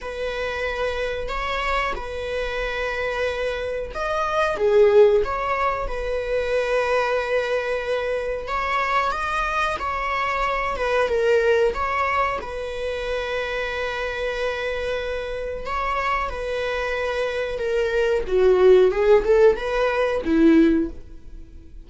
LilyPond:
\new Staff \with { instrumentName = "viola" } { \time 4/4 \tempo 4 = 92 b'2 cis''4 b'4~ | b'2 dis''4 gis'4 | cis''4 b'2.~ | b'4 cis''4 dis''4 cis''4~ |
cis''8 b'8 ais'4 cis''4 b'4~ | b'1 | cis''4 b'2 ais'4 | fis'4 gis'8 a'8 b'4 e'4 | }